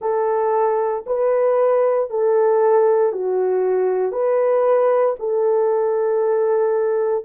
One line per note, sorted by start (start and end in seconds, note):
0.01 1.04 A4
1.06 2.09 B4
2.09 3.12 A4
3.12 4.11 F#4
4.11 5.15 B4
5.19 7.24 A4